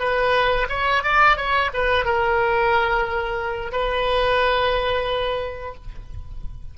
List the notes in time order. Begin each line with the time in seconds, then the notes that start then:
0.00 B4
0.70 C#5
1.04 D5
1.37 C#5
1.74 B4
2.05 A#4
3.73 B4